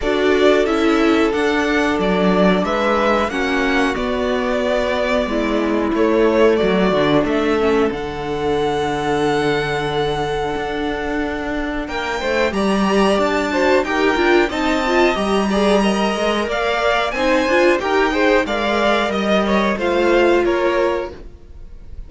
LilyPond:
<<
  \new Staff \with { instrumentName = "violin" } { \time 4/4 \tempo 4 = 91 d''4 e''4 fis''4 d''4 | e''4 fis''4 d''2~ | d''4 cis''4 d''4 e''4 | fis''1~ |
fis''2 g''4 ais''4 | a''4 g''4 a''4 ais''4~ | ais''4 f''4 gis''4 g''4 | f''4 dis''4 f''4 cis''4 | }
  \new Staff \with { instrumentName = "violin" } { \time 4/4 a'1 | b'4 fis'2. | e'2 fis'4 a'4~ | a'1~ |
a'2 ais'8 c''8 d''4~ | d''8 c''8 ais'4 dis''4. d''8 | dis''4 d''4 c''4 ais'8 c''8 | d''4 dis''8 cis''8 c''4 ais'4 | }
  \new Staff \with { instrumentName = "viola" } { \time 4/4 fis'4 e'4 d'2~ | d'4 cis'4 b2~ | b4 a4. d'4 cis'8 | d'1~ |
d'2. g'4~ | g'8 fis'8 g'8 f'8 dis'8 f'8 g'8 gis'8 | ais'2 dis'8 f'8 g'8 gis'8 | ais'2 f'2 | }
  \new Staff \with { instrumentName = "cello" } { \time 4/4 d'4 cis'4 d'4 fis4 | gis4 ais4 b2 | gis4 a4 fis8 d8 a4 | d1 |
d'2 ais8 a8 g4 | d'4 dis'8 d'8 c'4 g4~ | g8 gis8 ais4 c'8 d'8 dis'4 | gis4 g4 a4 ais4 | }
>>